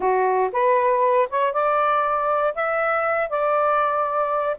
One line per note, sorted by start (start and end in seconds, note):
0.00 0.50 F#4
0.52 1.28 B4
1.29 1.52 C#5
1.52 2.54 D5
2.54 3.29 E5
3.29 4.56 D5